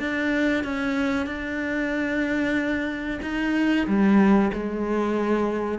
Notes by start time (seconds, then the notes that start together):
0.00 D4
0.65 C#4
1.27 D4
3.23 D#4
3.88 G3
4.54 G#3